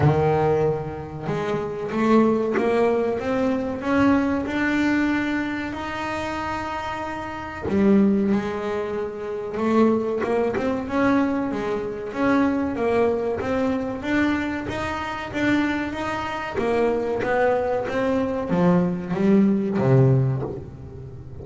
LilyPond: \new Staff \with { instrumentName = "double bass" } { \time 4/4 \tempo 4 = 94 dis2 gis4 a4 | ais4 c'4 cis'4 d'4~ | d'4 dis'2. | g4 gis2 a4 |
ais8 c'8 cis'4 gis4 cis'4 | ais4 c'4 d'4 dis'4 | d'4 dis'4 ais4 b4 | c'4 f4 g4 c4 | }